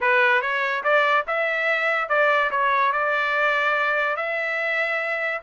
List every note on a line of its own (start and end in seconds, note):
0.00 0.41 B4
0.41 0.83 C#5
0.83 1.25 D5
1.27 2.08 E5
2.08 2.50 D5
2.50 2.92 C#5
2.92 4.16 D5
4.16 5.41 E5